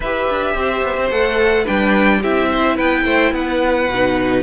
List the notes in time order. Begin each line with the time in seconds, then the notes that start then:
0.00 E4 G4 B4 E5
0.29 D4
0.54 C4 C5
0.83 B3
0.96 C4
1.10 A3 A4 F#5
1.63 G3 D4 B4 G5
2.21 C4 E4 G4 E5
2.50 C5
2.75 B3 B4 G5
3.05 A3 C5
3.31 B3 B4 F#5
3.88 B2 D#4